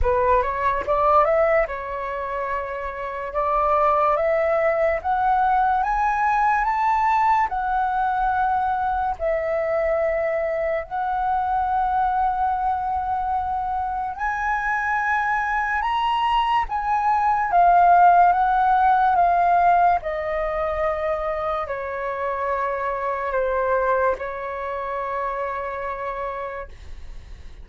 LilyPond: \new Staff \with { instrumentName = "flute" } { \time 4/4 \tempo 4 = 72 b'8 cis''8 d''8 e''8 cis''2 | d''4 e''4 fis''4 gis''4 | a''4 fis''2 e''4~ | e''4 fis''2.~ |
fis''4 gis''2 ais''4 | gis''4 f''4 fis''4 f''4 | dis''2 cis''2 | c''4 cis''2. | }